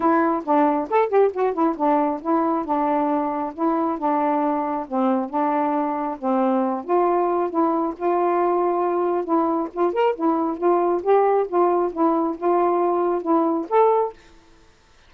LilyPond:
\new Staff \with { instrumentName = "saxophone" } { \time 4/4 \tempo 4 = 136 e'4 d'4 a'8 g'8 fis'8 e'8 | d'4 e'4 d'2 | e'4 d'2 c'4 | d'2 c'4. f'8~ |
f'4 e'4 f'2~ | f'4 e'4 f'8 ais'8 e'4 | f'4 g'4 f'4 e'4 | f'2 e'4 a'4 | }